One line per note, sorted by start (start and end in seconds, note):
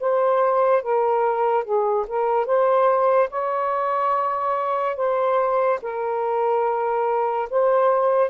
0.00 0.83 C5
0.83 1.64 A#4
1.64 2.06 G#4
2.08 2.46 A#4
2.46 3.29 C5
3.30 4.96 C#5
4.96 5.80 C5
5.82 7.49 A#4
7.50 8.30 C5